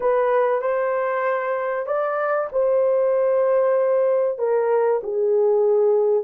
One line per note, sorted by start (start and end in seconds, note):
0.00 0.61 B4
0.61 1.86 C5
1.86 2.48 D5
2.52 4.38 C5
4.38 5.01 A#4
5.03 6.24 G#4